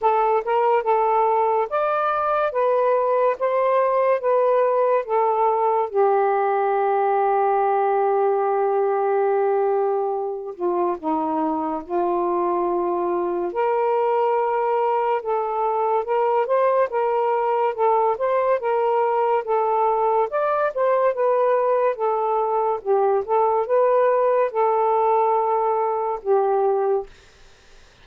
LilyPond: \new Staff \with { instrumentName = "saxophone" } { \time 4/4 \tempo 4 = 71 a'8 ais'8 a'4 d''4 b'4 | c''4 b'4 a'4 g'4~ | g'1~ | g'8 f'8 dis'4 f'2 |
ais'2 a'4 ais'8 c''8 | ais'4 a'8 c''8 ais'4 a'4 | d''8 c''8 b'4 a'4 g'8 a'8 | b'4 a'2 g'4 | }